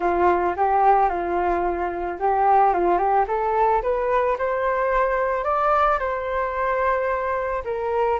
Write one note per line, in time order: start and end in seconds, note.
0.00 0.54 F4
0.56 1.09 G4
1.09 2.18 F4
2.19 2.73 G4
2.73 2.98 F4
2.98 3.25 G4
3.27 3.82 A4
3.82 4.37 B4
4.38 5.44 C5
5.44 5.98 D5
5.99 7.63 C5
7.65 8.19 A#4